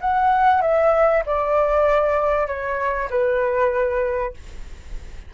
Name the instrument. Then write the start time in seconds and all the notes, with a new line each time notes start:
flute
0.00 F#5
0.61 E5
1.25 D5
2.47 C#5
3.10 B4